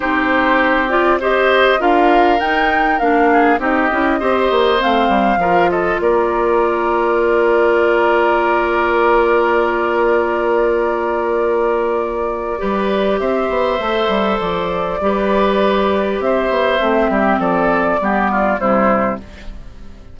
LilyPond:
<<
  \new Staff \with { instrumentName = "flute" } { \time 4/4 \tempo 4 = 100 c''4. d''8 dis''4 f''4 | g''4 f''4 dis''2 | f''4. dis''8 d''2~ | d''1~ |
d''1~ | d''2 e''2 | d''2. e''4~ | e''4 d''2 c''4 | }
  \new Staff \with { instrumentName = "oboe" } { \time 4/4 g'2 c''4 ais'4~ | ais'4. gis'8 g'4 c''4~ | c''4 ais'8 a'8 ais'2~ | ais'1~ |
ais'1~ | ais'4 b'4 c''2~ | c''4 b'2 c''4~ | c''8 g'8 a'4 g'8 f'8 e'4 | }
  \new Staff \with { instrumentName = "clarinet" } { \time 4/4 dis'4. f'8 g'4 f'4 | dis'4 d'4 dis'8 e'8 g'4 | c'4 f'2.~ | f'1~ |
f'1~ | f'4 g'2 a'4~ | a'4 g'2. | c'2 b4 g4 | }
  \new Staff \with { instrumentName = "bassoon" } { \time 4/4 c'2. d'4 | dis'4 ais4 c'8 cis'8 c'8 ais8 | a8 g8 f4 ais2~ | ais1~ |
ais1~ | ais4 g4 c'8 b8 a8 g8 | f4 g2 c'8 b8 | a8 g8 f4 g4 c4 | }
>>